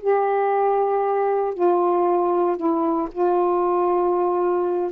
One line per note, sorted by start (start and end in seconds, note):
0.00 1.54 G4
1.54 2.56 F4
2.56 3.08 E4
3.12 4.91 F4